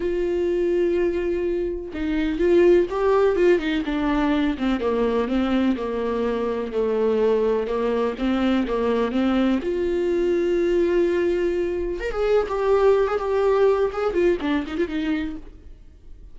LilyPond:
\new Staff \with { instrumentName = "viola" } { \time 4/4 \tempo 4 = 125 f'1 | dis'4 f'4 g'4 f'8 dis'8 | d'4. c'8 ais4 c'4 | ais2 a2 |
ais4 c'4 ais4 c'4 | f'1~ | f'4 ais'16 gis'8. g'4~ g'16 gis'16 g'8~ | g'4 gis'8 f'8 d'8 dis'16 f'16 dis'4 | }